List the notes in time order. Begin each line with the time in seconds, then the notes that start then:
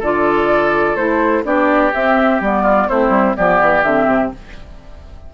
0.00 D3 F4 A4 D5
0.96 A3 E4 C5
1.44 B3 D4 G4 D5
1.94 C4 E5
2.41 G3 B3 D5
2.63 F4
2.89 A3 C4 E4 C5
3.10 G3
3.37 F3 B3 G4 D5
3.61 E3
3.84 D3 C4 E5
4.07 C3